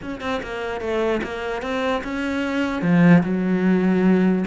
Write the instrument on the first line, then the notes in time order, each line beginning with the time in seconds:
cello
0.02 C#4
0.20 C4
0.42 A#3
0.80 A3
1.23 A#3
1.62 C4
2.03 C#4
2.82 F3
3.23 F#3